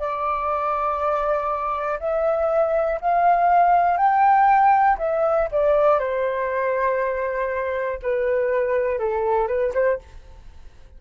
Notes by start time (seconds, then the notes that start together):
0.00 D5
2.00 E5
3.01 F5
3.98 G5
4.99 E5
5.52 D5
6.00 C5
8.03 B4
9.00 A4
9.48 B4
9.75 C5